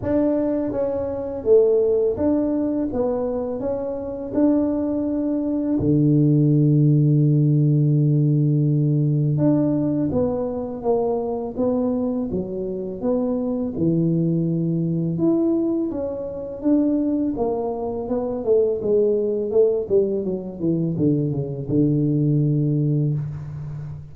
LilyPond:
\new Staff \with { instrumentName = "tuba" } { \time 4/4 \tempo 4 = 83 d'4 cis'4 a4 d'4 | b4 cis'4 d'2 | d1~ | d4 d'4 b4 ais4 |
b4 fis4 b4 e4~ | e4 e'4 cis'4 d'4 | ais4 b8 a8 gis4 a8 g8 | fis8 e8 d8 cis8 d2 | }